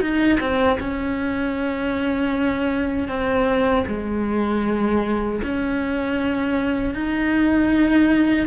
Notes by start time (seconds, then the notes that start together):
0.00 D#4
0.40 C4
0.79 C#4
3.08 C4
3.87 G#3
5.43 C#4
6.94 D#4